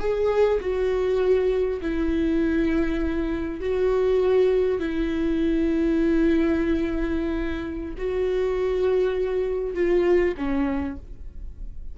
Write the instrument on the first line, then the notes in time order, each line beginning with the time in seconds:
viola
0.00 G#4
0.61 F#4
1.81 E4
3.61 F#4
4.80 E4
7.98 F#4
9.75 F4
10.38 C#4